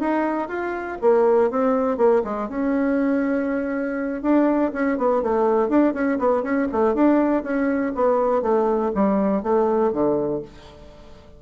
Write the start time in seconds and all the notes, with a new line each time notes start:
0.00 D#4
0.49 F4
1.02 A#3
1.51 C4
1.98 A#3
2.24 G#3
2.49 C#4
4.23 D4
4.73 C#4
4.98 B3
5.23 A3
5.69 D4
5.94 C#4
6.19 B3
6.43 C#4
6.72 A3
6.95 D4
7.44 C#4
7.95 B3
8.42 A3
8.95 G3
9.43 A3
9.93 D3